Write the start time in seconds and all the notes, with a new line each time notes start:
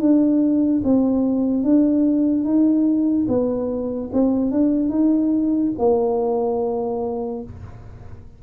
0.00 D4
0.84 C4
1.64 D4
2.44 D#4
3.28 B3
4.13 C4
4.51 D4
4.89 D#4
5.78 A#3